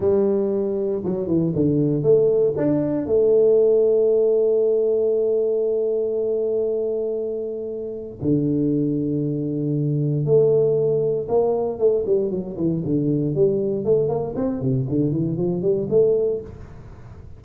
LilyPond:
\new Staff \with { instrumentName = "tuba" } { \time 4/4 \tempo 4 = 117 g2 fis8 e8 d4 | a4 d'4 a2~ | a1~ | a1 |
d1 | a2 ais4 a8 g8 | fis8 e8 d4 g4 a8 ais8 | c'8 c8 d8 e8 f8 g8 a4 | }